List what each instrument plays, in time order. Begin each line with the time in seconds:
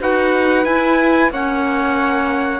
0.00 cello D#4, clarinet F#4, flute B4, trumpet F#5
0.65 cello E4, clarinet E4, trumpet G#5
1.30 cello A#3, clarinet C#4, flute C#5, trumpet F#5